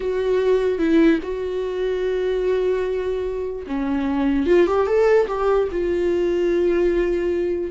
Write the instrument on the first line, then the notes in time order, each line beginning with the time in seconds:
viola
0.00 F#4
0.78 E4
1.22 F#4
3.66 C#4
4.46 F4
4.66 G4
4.86 A4
5.27 G4
5.71 F4